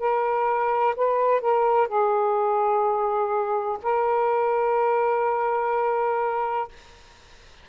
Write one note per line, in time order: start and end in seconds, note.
0.00 0.95 A#4
0.97 1.41 B4
1.41 1.88 A#4
1.88 3.78 G#4
3.83 6.69 A#4